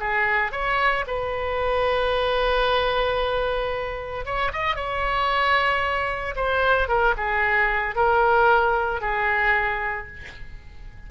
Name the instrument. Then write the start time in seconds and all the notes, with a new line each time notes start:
oboe
0.00 G#4
0.52 C#5
1.07 B4
4.26 C#5
4.53 D#5
4.76 C#5
6.36 C5
6.89 A#4
7.17 G#4
7.96 A#4
9.01 G#4